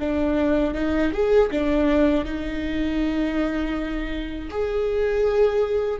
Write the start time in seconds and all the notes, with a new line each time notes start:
0.00 D4
0.75 D#4
1.13 G#4
1.51 D4
2.25 D#4
4.51 G#4